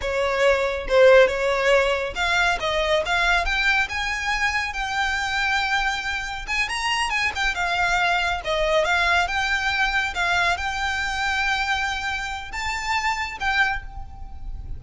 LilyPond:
\new Staff \with { instrumentName = "violin" } { \time 4/4 \tempo 4 = 139 cis''2 c''4 cis''4~ | cis''4 f''4 dis''4 f''4 | g''4 gis''2 g''4~ | g''2. gis''8 ais''8~ |
ais''8 gis''8 g''8 f''2 dis''8~ | dis''8 f''4 g''2 f''8~ | f''8 g''2.~ g''8~ | g''4 a''2 g''4 | }